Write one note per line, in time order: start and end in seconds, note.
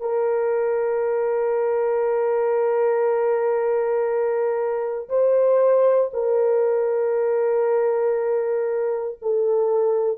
0.00 5.08 A#4
5.08 6.10 C5
6.13 9.18 A#4
9.21 10.17 A4